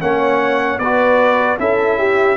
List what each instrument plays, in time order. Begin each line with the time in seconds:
0.00 tuba A#3, trombone C#4, horn C#5, trumpet F#5
0.78 tuba B3, trombone F#4, horn B4, trumpet D5
1.58 tuba C#4, trombone E4, horn A4, trumpet E5
1.98 horn G4